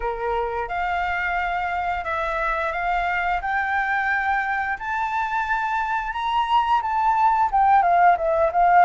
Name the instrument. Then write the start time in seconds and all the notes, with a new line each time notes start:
flute
0.00 A#4
0.68 F5
2.04 E5
2.72 F5
3.41 G5
4.79 A5
6.12 A#5
6.82 A5
7.51 G5
7.82 F5
8.17 E5
8.52 F5